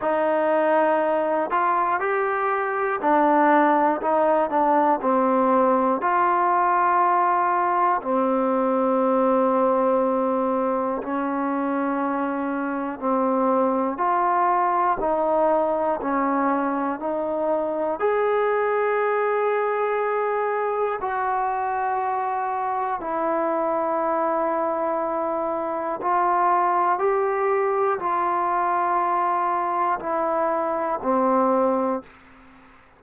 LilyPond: \new Staff \with { instrumentName = "trombone" } { \time 4/4 \tempo 4 = 60 dis'4. f'8 g'4 d'4 | dis'8 d'8 c'4 f'2 | c'2. cis'4~ | cis'4 c'4 f'4 dis'4 |
cis'4 dis'4 gis'2~ | gis'4 fis'2 e'4~ | e'2 f'4 g'4 | f'2 e'4 c'4 | }